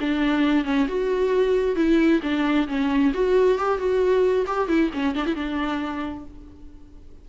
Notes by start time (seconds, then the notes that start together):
0.00 D4
0.64 C#4
0.88 F#4
1.76 E4
2.22 D4
2.68 C#4
3.14 F#4
3.58 G4
3.78 F#4
4.46 G4
4.68 E4
4.93 C#4
5.15 D4
5.26 E4
5.35 D4